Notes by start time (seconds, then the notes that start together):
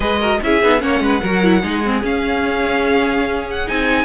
0.00 G#3 G#4 B4 D#5
0.19 F#4 A#4
0.42 C#4 E4 G#4 E5
0.62 B3 D#4
0.78 A#3 C#4 C#5 F#5
1.00 G#3 B4
1.21 F#3 F#4 A#4
1.43 E4
1.62 G#3 D#4 G#4
1.84 C4
2.03 C#4 F5
3.50 F#5
3.67 C4 D#4 G#5